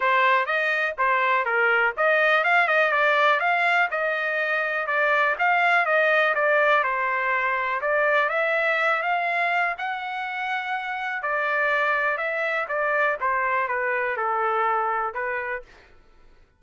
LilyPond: \new Staff \with { instrumentName = "trumpet" } { \time 4/4 \tempo 4 = 123 c''4 dis''4 c''4 ais'4 | dis''4 f''8 dis''8 d''4 f''4 | dis''2 d''4 f''4 | dis''4 d''4 c''2 |
d''4 e''4. f''4. | fis''2. d''4~ | d''4 e''4 d''4 c''4 | b'4 a'2 b'4 | }